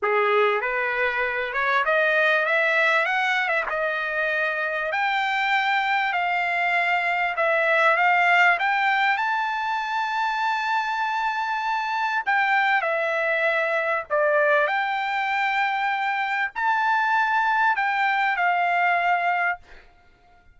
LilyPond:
\new Staff \with { instrumentName = "trumpet" } { \time 4/4 \tempo 4 = 98 gis'4 b'4. cis''8 dis''4 | e''4 fis''8. e''16 dis''2 | g''2 f''2 | e''4 f''4 g''4 a''4~ |
a''1 | g''4 e''2 d''4 | g''2. a''4~ | a''4 g''4 f''2 | }